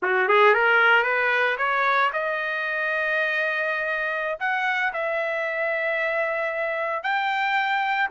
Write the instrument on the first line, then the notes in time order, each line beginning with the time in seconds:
trumpet
0.02 F#4
0.28 G#4
0.54 A#4
1.03 B4
1.57 C#5
2.12 D#5
4.39 F#5
4.93 E5
7.03 G5